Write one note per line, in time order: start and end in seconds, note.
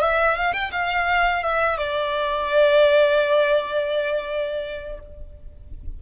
0.00 0.36 E5
0.36 0.53 F5
0.53 0.71 G5
0.71 1.43 F5
1.43 1.77 E5
1.77 4.99 D5